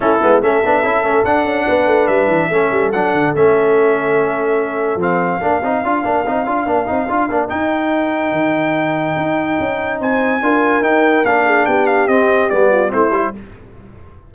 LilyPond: <<
  \new Staff \with { instrumentName = "trumpet" } { \time 4/4 \tempo 4 = 144 a'4 e''2 fis''4~ | fis''4 e''2 fis''4 | e''1 | f''1~ |
f''2 g''2~ | g''1 | gis''2 g''4 f''4 | g''8 f''8 dis''4 d''4 c''4 | }
  \new Staff \with { instrumentName = "horn" } { \time 4/4 e'4 a'2. | b'2 a'2~ | a'1~ | a'4 ais'2.~ |
ais'1~ | ais'1 | c''4 ais'2~ ais'8 gis'8 | g'2~ g'8 f'8 e'4 | }
  \new Staff \with { instrumentName = "trombone" } { \time 4/4 cis'8 b8 cis'8 d'8 e'8 cis'8 d'4~ | d'2 cis'4 d'4 | cis'1 | c'4 d'8 dis'8 f'8 d'8 dis'8 f'8 |
d'8 dis'8 f'8 d'8 dis'2~ | dis'1~ | dis'4 f'4 dis'4 d'4~ | d'4 c'4 b4 c'8 e'8 | }
  \new Staff \with { instrumentName = "tuba" } { \time 4/4 a8 gis8 a8 b8 cis'8 a8 d'8 cis'8 | b8 a8 g8 e8 a8 g8 fis8 d8 | a1 | f4 ais8 c'8 d'8 ais8 c'8 d'8 |
ais8 c'8 d'8 ais8 dis'2 | dis2 dis'4 cis'4 | c'4 d'4 dis'4 ais4 | b4 c'4 g4 a8 g8 | }
>>